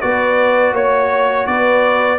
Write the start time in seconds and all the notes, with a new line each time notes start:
0.00 B3 F#4 B4 D5
0.72 A#3 C#5
1.46 B3 B4 D5